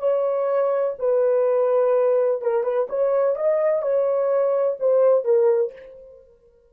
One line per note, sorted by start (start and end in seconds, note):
0.00 0.95 C#5
0.99 2.42 B4
2.42 2.64 A#4
2.64 2.88 B4
2.90 3.36 C#5
3.36 3.83 D#5
3.83 4.78 C#5
4.80 5.25 C5
5.25 5.73 A#4